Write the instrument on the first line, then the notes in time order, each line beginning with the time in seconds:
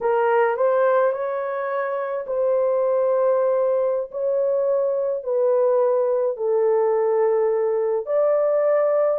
horn
0.00 A#4
0.56 C5
1.12 C#5
2.26 C5
4.11 C#5
5.23 B4
6.37 A4
8.06 D5